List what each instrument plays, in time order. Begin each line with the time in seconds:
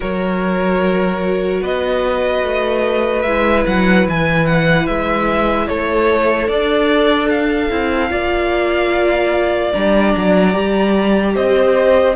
0.00 cello F#3, viola F#4, violin A#4 C#5
1.61 cello B3, violin B4 D#5
2.43 cello A3
3.22 cello G#3, viola E4, violin E5
3.66 cello F#3, violin F#5
4.07 cello E3, violin G#5
4.46 violin F#5
4.86 cello G#3, violin E5
5.67 cello A3, violin A4 C#5
6.47 cello D4, viola D4, violin D5
7.29 violin F5
7.70 cello C4, viola E4
8.10 cello A#3, viola F4, violin D5
9.72 cello G3, viola D4, violin A#5
10.17 cello F#3
10.53 cello G3, viola G4
11.35 cello C4, violin C5 D#5